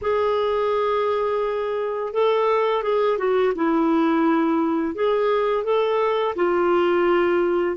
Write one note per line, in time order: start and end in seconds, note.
0.01 2.13 G#4
2.13 2.82 A4
2.82 3.18 G#4
3.18 3.53 F#4
3.55 4.94 E4
4.94 5.64 G#4
5.64 6.34 A4
6.35 7.76 F4